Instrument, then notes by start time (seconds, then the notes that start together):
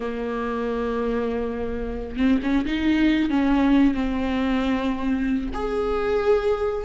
viola
0.00 A#3
2.17 C4
2.43 C#4
2.65 D#4
3.29 C#4
3.94 C4
5.54 G#4